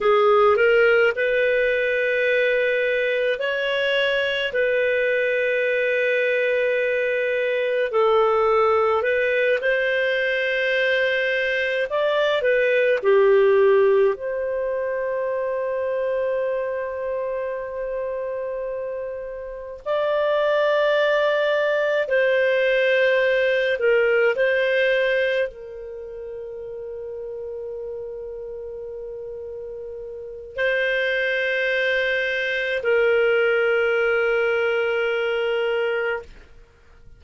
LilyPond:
\new Staff \with { instrumentName = "clarinet" } { \time 4/4 \tempo 4 = 53 gis'8 ais'8 b'2 cis''4 | b'2. a'4 | b'8 c''2 d''8 b'8 g'8~ | g'8 c''2.~ c''8~ |
c''4. d''2 c''8~ | c''4 ais'8 c''4 ais'4.~ | ais'2. c''4~ | c''4 ais'2. | }